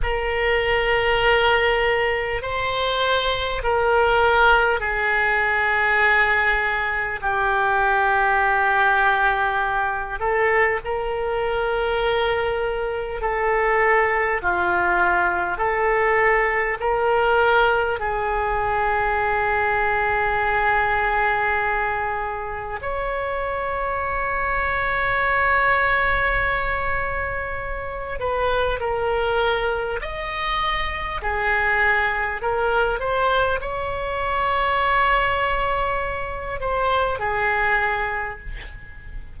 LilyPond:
\new Staff \with { instrumentName = "oboe" } { \time 4/4 \tempo 4 = 50 ais'2 c''4 ais'4 | gis'2 g'2~ | g'8 a'8 ais'2 a'4 | f'4 a'4 ais'4 gis'4~ |
gis'2. cis''4~ | cis''2.~ cis''8 b'8 | ais'4 dis''4 gis'4 ais'8 c''8 | cis''2~ cis''8 c''8 gis'4 | }